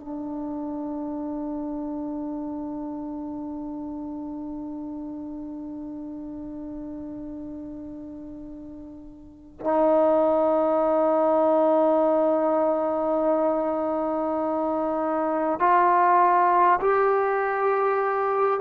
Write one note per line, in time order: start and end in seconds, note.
0.00 9.60 D4
9.61 15.60 D#4
15.60 16.80 F4
16.81 18.61 G4